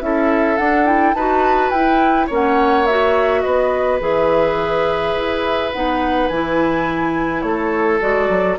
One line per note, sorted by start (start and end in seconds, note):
0.00 0.58 C#4
0.00 0.58 E4
0.00 1.16 A4
0.00 0.57 E5
0.57 0.86 D4
0.57 1.14 D4
0.57 0.86 F#5
0.86 1.15 E4
0.86 1.14 G5
1.14 1.71 D#4
1.14 1.74 F#4
1.14 2.27 B4
1.14 1.70 A5
1.70 2.28 E4
1.70 2.30 E4
1.70 2.28 G5
2.27 3.45 A#3
2.27 2.87 C#4
2.27 3.41 C#5
2.34 2.86 F#5
2.86 4.00 F#4
2.86 3.42 E5
3.42 4.01 B3
3.42 7.43 B4
3.42 3.99 D#5
4.00 5.15 E3
4.00 5.71 G#4
4.00 5.73 E5
5.16 5.73 E4
5.73 6.30 B3
5.73 6.31 D#4
5.73 6.28 F#5
6.28 7.43 E3
6.28 8.00 E4
6.28 7.41 G#5
7.41 8.00 A3
7.41 8.59 A4
7.41 7.99 C#5
8.00 8.29 G#3
8.00 8.57 F#4
8.00 8.58 D5
8.29 8.58 F#3